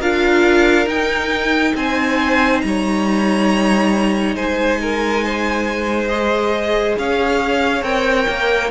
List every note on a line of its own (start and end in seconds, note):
0.00 0.87 D4
0.00 0.88 F4
0.00 1.74 A#4
0.00 0.88 F5
0.87 1.74 D#4
0.87 6.10 D#4
0.87 1.76 G5
1.76 2.62 C4
1.76 2.64 C5
1.76 2.61 G#5
2.61 4.35 G3
2.61 4.36 C#5
2.61 4.35 A#5
4.35 6.96 G#3
4.35 4.80 C5
4.35 6.08 G#5
4.82 5.25 A#4
5.25 6.99 C5
6.08 7.84 G#4
6.08 6.95 D#5
6.99 7.83 C#4
6.99 8.71 C#5
6.99 7.84 F5
7.83 8.27 C4
7.83 8.70 A#4
7.83 8.71 G5
8.29 8.71 A#3